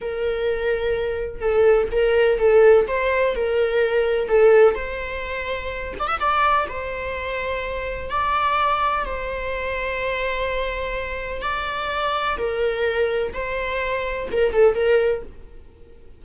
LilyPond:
\new Staff \with { instrumentName = "viola" } { \time 4/4 \tempo 4 = 126 ais'2. a'4 | ais'4 a'4 c''4 ais'4~ | ais'4 a'4 c''2~ | c''8 d''16 e''16 d''4 c''2~ |
c''4 d''2 c''4~ | c''1 | d''2 ais'2 | c''2 ais'8 a'8 ais'4 | }